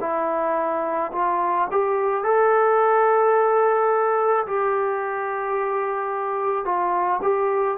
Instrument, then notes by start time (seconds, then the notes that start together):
trombone
0.00 E4
1.12 F4
1.70 G4
2.23 A4
4.46 G4
6.65 F4
7.22 G4